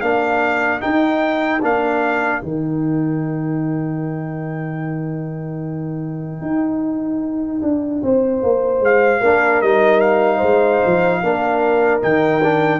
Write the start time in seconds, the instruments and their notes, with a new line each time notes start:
0.00 tuba A#3, trombone D4, horn A#4, trumpet F5
0.80 trombone D#4, tuba D#4, trumpet G5
1.61 tuba A#3, trombone D4, trumpet F5
2.41 tuba D#3, trombone D#4, trumpet G5
6.41 tuba D#4
7.62 tuba D4
8.02 tuba C4, horn C5
8.43 tuba A#3
8.80 tuba G#3, trumpet F5
9.20 tuba A#3, trombone D4, horn A#4
9.61 tuba G3, trombone D#4, trumpet D#5
10.00 trumpet F5
10.37 tuba G#3, horn C5
10.85 tuba F3
11.22 tuba A#3, trombone D4, horn A#4
12.01 tuba D#3, trombone D#4, trumpet G5
12.43 trombone D4